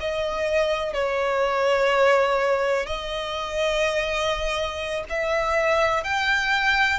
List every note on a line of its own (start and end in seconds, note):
0.00 0.94 D#5
0.94 2.86 C#5
2.86 5.04 D#5
5.10 6.04 E5
6.04 6.99 G5